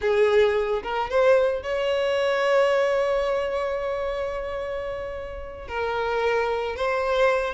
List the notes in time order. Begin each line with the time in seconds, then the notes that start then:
0.01 G#4
0.83 A#4
1.10 C5
1.62 C#5
5.68 A#4
6.76 C5